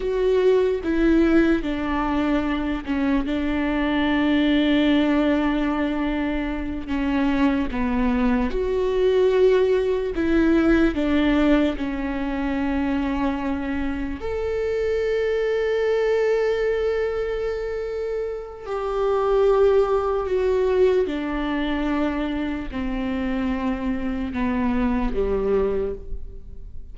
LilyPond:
\new Staff \with { instrumentName = "viola" } { \time 4/4 \tempo 4 = 74 fis'4 e'4 d'4. cis'8 | d'1~ | d'8 cis'4 b4 fis'4.~ | fis'8 e'4 d'4 cis'4.~ |
cis'4. a'2~ a'8~ | a'2. g'4~ | g'4 fis'4 d'2 | c'2 b4 g4 | }